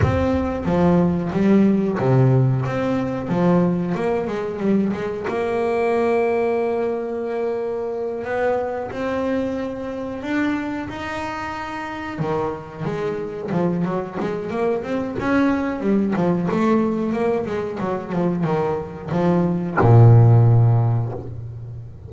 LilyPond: \new Staff \with { instrumentName = "double bass" } { \time 4/4 \tempo 4 = 91 c'4 f4 g4 c4 | c'4 f4 ais8 gis8 g8 gis8 | ais1~ | ais8 b4 c'2 d'8~ |
d'8 dis'2 dis4 gis8~ | gis8 f8 fis8 gis8 ais8 c'8 cis'4 | g8 f8 a4 ais8 gis8 fis8 f8 | dis4 f4 ais,2 | }